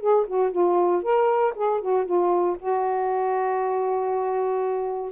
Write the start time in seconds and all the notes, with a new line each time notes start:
0.00 G#4
0.27 F#4
0.51 F4
1.03 A#4
1.55 G#4
1.81 F#4
2.05 F4
2.59 F#4